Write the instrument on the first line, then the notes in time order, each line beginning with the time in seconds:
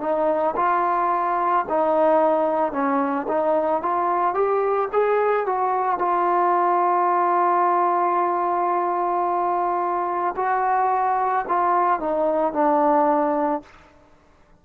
trombone
0.00 D#4
0.56 F4
1.69 D#4
2.72 C#4
3.28 D#4
3.82 F4
4.34 G4
4.92 G#4
5.46 F#4
5.99 F4
10.36 F#4
11.48 F4
12.00 D#4
12.53 D4